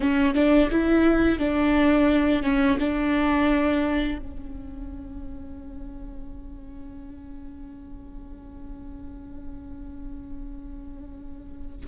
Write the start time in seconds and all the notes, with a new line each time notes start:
0.00 C#4
0.34 D4
0.70 E4
1.38 D4
2.43 C#4
2.79 D4
4.18 C#4